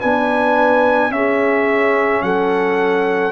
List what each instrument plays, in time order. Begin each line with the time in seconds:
0.00 tuba B3, trombone D4, horn B4, trumpet G#5
1.10 tuba C#4, trombone C#4, horn G#4, trumpet E5
2.23 tuba F#3, horn A4, trumpet F#5